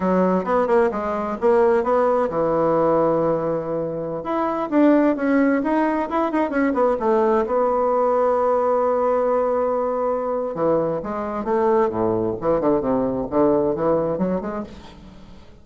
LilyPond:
\new Staff \with { instrumentName = "bassoon" } { \time 4/4 \tempo 4 = 131 fis4 b8 ais8 gis4 ais4 | b4 e2.~ | e4~ e16 e'4 d'4 cis'8.~ | cis'16 dis'4 e'8 dis'8 cis'8 b8 a8.~ |
a16 b2.~ b8.~ | b2. e4 | gis4 a4 a,4 e8 d8 | c4 d4 e4 fis8 gis8 | }